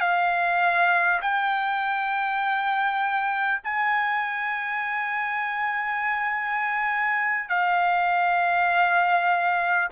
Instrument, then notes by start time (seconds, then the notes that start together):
trumpet
0.00 F5
1.21 G5
3.63 G#5
7.49 F5